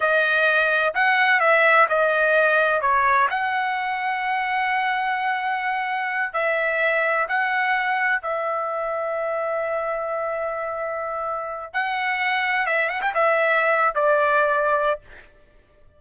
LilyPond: \new Staff \with { instrumentName = "trumpet" } { \time 4/4 \tempo 4 = 128 dis''2 fis''4 e''4 | dis''2 cis''4 fis''4~ | fis''1~ | fis''4. e''2 fis''8~ |
fis''4. e''2~ e''8~ | e''1~ | e''4 fis''2 e''8 fis''16 g''16 | e''4.~ e''16 d''2~ d''16 | }